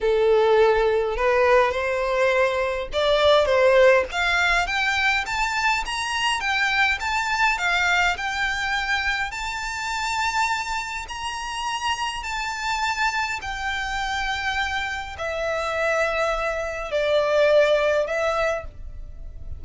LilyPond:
\new Staff \with { instrumentName = "violin" } { \time 4/4 \tempo 4 = 103 a'2 b'4 c''4~ | c''4 d''4 c''4 f''4 | g''4 a''4 ais''4 g''4 | a''4 f''4 g''2 |
a''2. ais''4~ | ais''4 a''2 g''4~ | g''2 e''2~ | e''4 d''2 e''4 | }